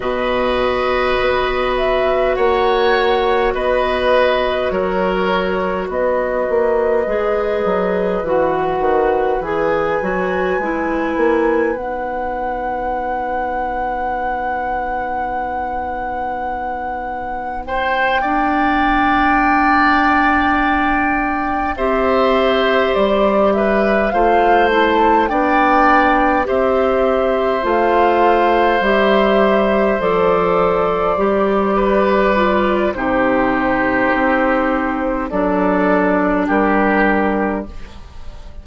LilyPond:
<<
  \new Staff \with { instrumentName = "flute" } { \time 4/4 \tempo 4 = 51 dis''4. e''8 fis''4 dis''4 | cis''4 dis''2 fis''4 | gis''2 fis''2~ | fis''2. g''4~ |
g''2~ g''8 e''4 d''8 | e''8 f''8 a''8 g''4 e''4 f''8~ | f''8 e''4 d''2~ d''8 | c''2 d''4 ais'4 | }
  \new Staff \with { instrumentName = "oboe" } { \time 4/4 b'2 cis''4 b'4 | ais'4 b'2.~ | b'1~ | b'2. c''8 d''8~ |
d''2~ d''8 c''4. | b'8 c''4 d''4 c''4.~ | c''2. b'4 | g'2 a'4 g'4 | }
  \new Staff \with { instrumentName = "clarinet" } { \time 4/4 fis'1~ | fis'2 gis'4 fis'4 | gis'8 fis'8 e'4 dis'2~ | dis'2.~ dis'8 d'8~ |
d'2~ d'8 g'4.~ | g'8 f'8 e'8 d'4 g'4 f'8~ | f'8 g'4 a'4 g'4 f'8 | dis'2 d'2 | }
  \new Staff \with { instrumentName = "bassoon" } { \time 4/4 b,4 b4 ais4 b4 | fis4 b8 ais8 gis8 fis8 e8 dis8 | e8 fis8 gis8 ais8 b2~ | b1~ |
b2~ b8 c'4 g8~ | g8 a4 b4 c'4 a8~ | a8 g4 f4 g4. | c4 c'4 fis4 g4 | }
>>